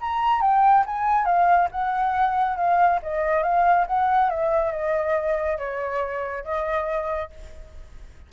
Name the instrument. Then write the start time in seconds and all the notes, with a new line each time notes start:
flute
0.00 A#5
0.41 G5
0.85 G#5
1.25 F5
1.71 F#5
2.56 F5
3.02 D#5
3.42 F5
3.86 F#5
4.29 E5
4.71 D#5
5.58 C#5
6.44 D#5